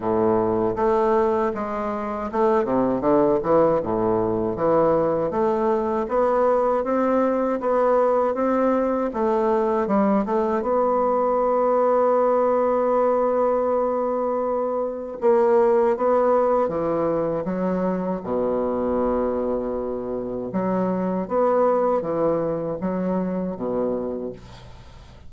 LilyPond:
\new Staff \with { instrumentName = "bassoon" } { \time 4/4 \tempo 4 = 79 a,4 a4 gis4 a8 c8 | d8 e8 a,4 e4 a4 | b4 c'4 b4 c'4 | a4 g8 a8 b2~ |
b1 | ais4 b4 e4 fis4 | b,2. fis4 | b4 e4 fis4 b,4 | }